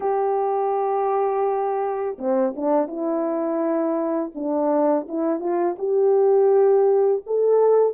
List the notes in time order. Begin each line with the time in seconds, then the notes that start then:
0.00 G4
2.18 C4
2.56 D4
2.87 E4
4.34 D4
5.08 E4
5.40 F4
5.78 G4
7.26 A4